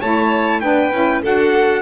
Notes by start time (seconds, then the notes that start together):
0.00 A3 E4 C#5 A5
0.61 B3 D4 B4 G5
0.92 C#4 E4
1.23 D4 F#4 A4 F#5